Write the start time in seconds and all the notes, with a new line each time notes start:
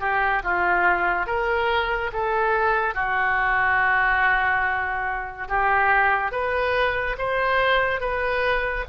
0.00 G4
0.43 F4
1.26 A#4
2.13 A4
2.95 F#4
5.48 G4
6.31 B4
7.18 C5
8.00 B4